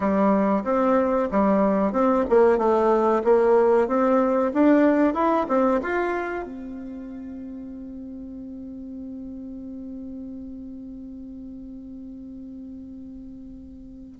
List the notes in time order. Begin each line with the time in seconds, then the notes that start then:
0.00 G3
0.64 C4
1.31 G3
1.92 C4
2.29 A#3
2.58 A3
3.23 A#3
3.87 C4
4.53 D4
5.13 E4
5.48 C4
5.82 F4
6.43 C4